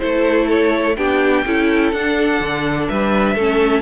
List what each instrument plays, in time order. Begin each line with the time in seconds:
0.00 cello A3, viola E4, violin A4 C5
0.51 violin C#5
0.97 cello B3, viola D4, violin G4 G5
1.46 cello C#4, viola E4, violin A4
1.92 cello D4, viola D4, violin F#5
2.40 cello D3
2.89 cello G3, violin B4 E5
3.35 cello A3, viola C#4, violin A4